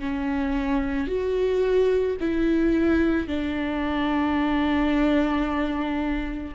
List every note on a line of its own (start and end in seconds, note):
0.00 1.08 C#4
1.08 2.17 F#4
2.21 3.28 E4
3.28 6.55 D4